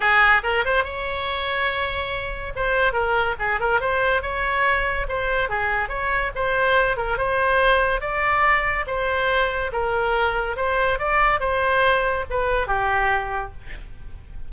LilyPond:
\new Staff \with { instrumentName = "oboe" } { \time 4/4 \tempo 4 = 142 gis'4 ais'8 c''8 cis''2~ | cis''2 c''4 ais'4 | gis'8 ais'8 c''4 cis''2 | c''4 gis'4 cis''4 c''4~ |
c''8 ais'8 c''2 d''4~ | d''4 c''2 ais'4~ | ais'4 c''4 d''4 c''4~ | c''4 b'4 g'2 | }